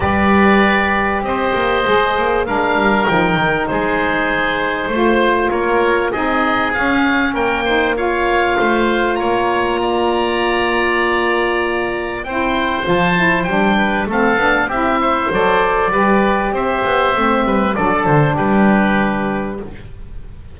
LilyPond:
<<
  \new Staff \with { instrumentName = "oboe" } { \time 4/4 \tempo 4 = 98 d''2 dis''2 | f''4 g''4 c''2~ | c''4 cis''4 dis''4 f''4 | g''4 f''2 ais''4~ |
ais''1 | g''4 a''4 g''4 f''4 | e''4 d''2 e''4~ | e''4 d''8 c''8 b'2 | }
  \new Staff \with { instrumentName = "oboe" } { \time 4/4 b'2 c''2 | ais'2 gis'2 | c''4 ais'4 gis'2 | ais'8 c''8 cis''4 c''4 cis''4 |
d''1 | c''2~ c''8 b'8 a'4 | g'8 c''4. b'4 c''4~ | c''8 b'8 a'4 g'2 | }
  \new Staff \with { instrumentName = "saxophone" } { \time 4/4 g'2. gis'4 | d'4 dis'2. | f'2 dis'4 cis'4~ | cis'8 dis'8 f'2.~ |
f'1 | e'4 f'8 e'8 d'4 c'8 d'8 | e'4 a'4 g'2 | c'4 d'2. | }
  \new Staff \with { instrumentName = "double bass" } { \time 4/4 g2 c'8 ais8 gis8 ais8 | gis8 g8 f8 dis8 gis2 | a4 ais4 c'4 cis'4 | ais2 a4 ais4~ |
ais1 | c'4 f4 g4 a8 b8 | c'4 fis4 g4 c'8 b8 | a8 g8 fis8 d8 g2 | }
>>